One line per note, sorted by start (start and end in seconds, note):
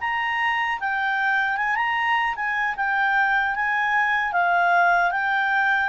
0.00 0.79 A#5
0.80 1.56 G5
1.56 1.75 G#5
1.75 2.35 A#5
2.35 2.75 G#5
2.76 3.55 G5
3.55 4.32 G#5
4.32 5.11 F5
5.11 5.89 G5